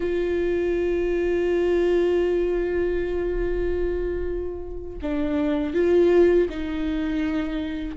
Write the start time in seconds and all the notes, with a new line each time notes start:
0.00 F4
5.02 D4
5.74 F4
6.49 D#4